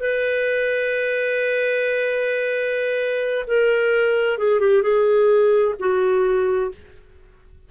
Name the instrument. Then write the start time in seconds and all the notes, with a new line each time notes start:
clarinet
0.00 B4
3.47 A#4
4.38 G#4
4.60 G4
4.83 G#4
5.79 F#4